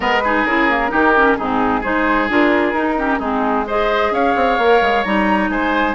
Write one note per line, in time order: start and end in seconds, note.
0.00 0.45 G#3
0.00 0.21 B3
0.00 0.22 A#4
0.00 0.45 B4
0.23 0.47 D#4
0.23 0.91 G#4
0.45 0.90 C#3
0.45 0.70 E4
0.45 1.36 A#4
0.70 0.88 A#3
0.88 1.38 D#3
0.88 1.11 D#4
0.88 1.37 G4
1.16 1.39 C#4
1.36 1.84 G#2
1.36 1.83 C4
1.36 1.80 D#4
1.36 1.82 G#4
1.80 2.29 G#3
1.80 2.29 D#4
1.80 2.94 G#4
1.80 2.29 C5
2.29 2.73 D4
2.29 2.75 F4
2.29 3.20 A#4
2.73 3.19 D#4
2.73 2.97 D#4
2.97 3.20 C#4
2.97 3.18 G4
3.18 4.11 G#3
3.18 3.66 C4
3.18 3.64 D#4
3.18 3.66 G#4
3.67 4.60 G#4
3.67 4.12 C5
3.67 4.13 D#5
4.11 4.34 C#4
4.11 5.50 C#5
4.11 5.03 F5
4.35 4.58 C4
4.58 4.80 A#3
4.58 5.05 A#4
4.81 5.04 G#3
5.03 5.49 G3
5.03 5.94 D#4
5.03 5.49 A#5
5.49 5.94 G#3
5.49 5.94 C5
5.49 5.94 G#5